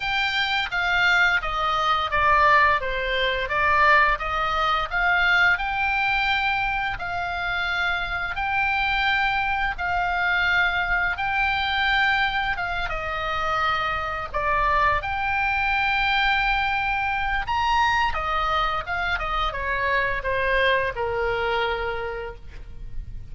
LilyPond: \new Staff \with { instrumentName = "oboe" } { \time 4/4 \tempo 4 = 86 g''4 f''4 dis''4 d''4 | c''4 d''4 dis''4 f''4 | g''2 f''2 | g''2 f''2 |
g''2 f''8 dis''4.~ | dis''8 d''4 g''2~ g''8~ | g''4 ais''4 dis''4 f''8 dis''8 | cis''4 c''4 ais'2 | }